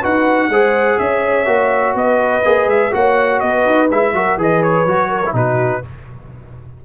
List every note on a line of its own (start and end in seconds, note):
0.00 0.49 D#4
0.00 0.51 F#4
0.00 0.48 B4
0.00 0.99 F#5
0.49 0.97 G#3
0.49 1.46 G#4
0.49 0.99 C5
0.99 1.47 C#4
0.99 1.98 C#5
0.99 1.96 E5
1.46 1.95 A#3
1.46 2.43 F#4
1.95 2.43 B3
1.95 2.94 B4
1.95 2.70 D#5
2.45 2.66 A#3
2.45 2.92 G#4
2.66 2.91 G#3
2.66 2.94 E5
2.92 3.42 A#3
2.92 3.88 F#4
2.92 3.42 C#5
2.92 3.40 F#5
3.40 3.66 B3
3.40 4.14 B4
3.40 3.88 D#5
3.66 3.90 D#4
3.91 4.13 G#3
3.91 4.14 E4
3.91 4.40 E5
4.13 4.37 F#3
4.13 4.38 F#4
4.13 4.39 A#4
4.37 4.86 E3
4.37 4.87 G#4
4.37 5.09 B4
4.37 4.63 D#5
4.63 5.35 C#5
4.86 5.33 F#3
4.86 5.24 F#4
5.09 5.34 A#4
5.26 5.34 E4
5.33 5.82 B2
5.33 5.82 D#4
5.33 5.83 F#4
5.33 5.85 B4